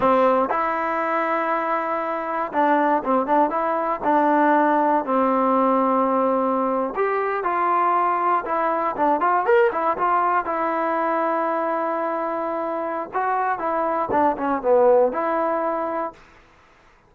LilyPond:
\new Staff \with { instrumentName = "trombone" } { \time 4/4 \tempo 4 = 119 c'4 e'2.~ | e'4 d'4 c'8 d'8 e'4 | d'2 c'2~ | c'4.~ c'16 g'4 f'4~ f'16~ |
f'8. e'4 d'8 f'8 ais'8 e'8 f'16~ | f'8. e'2.~ e'16~ | e'2 fis'4 e'4 | d'8 cis'8 b4 e'2 | }